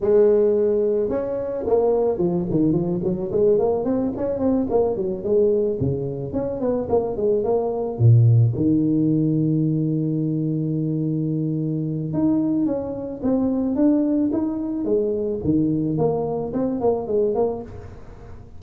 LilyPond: \new Staff \with { instrumentName = "tuba" } { \time 4/4 \tempo 4 = 109 gis2 cis'4 ais4 | f8 dis8 f8 fis8 gis8 ais8 c'8 cis'8 | c'8 ais8 fis8 gis4 cis4 cis'8 | b8 ais8 gis8 ais4 ais,4 dis8~ |
dis1~ | dis2 dis'4 cis'4 | c'4 d'4 dis'4 gis4 | dis4 ais4 c'8 ais8 gis8 ais8 | }